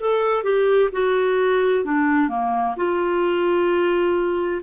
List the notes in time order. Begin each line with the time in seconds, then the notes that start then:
0.00 A4
0.43 G4
0.92 F#4
1.84 D4
2.29 A#3
2.77 F4